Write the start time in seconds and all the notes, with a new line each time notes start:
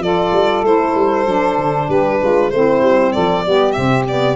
0.00 F3 F4 A4 D5
0.32 G3
0.62 A3 E4 C5
0.95 G3
1.25 F#3 D4
1.57 D3
1.88 G3 G4 B4
2.20 G#3 F4
2.51 A3 C4 E4 C5
2.82 G3
3.12 F3 A4 D5
3.45 G3 B3 G4
3.72 C3 C4 E5
4.08 B3 D5